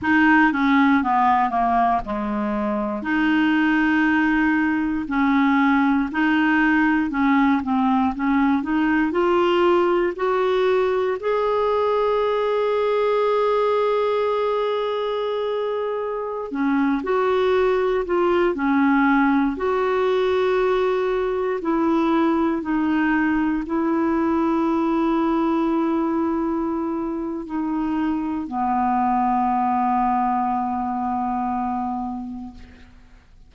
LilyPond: \new Staff \with { instrumentName = "clarinet" } { \time 4/4 \tempo 4 = 59 dis'8 cis'8 b8 ais8 gis4 dis'4~ | dis'4 cis'4 dis'4 cis'8 c'8 | cis'8 dis'8 f'4 fis'4 gis'4~ | gis'1~ |
gis'16 cis'8 fis'4 f'8 cis'4 fis'8.~ | fis'4~ fis'16 e'4 dis'4 e'8.~ | e'2. dis'4 | b1 | }